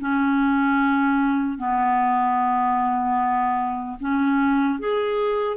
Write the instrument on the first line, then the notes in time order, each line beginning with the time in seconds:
clarinet
0.00 C#4
1.58 B3
4.00 C#4
4.79 G#4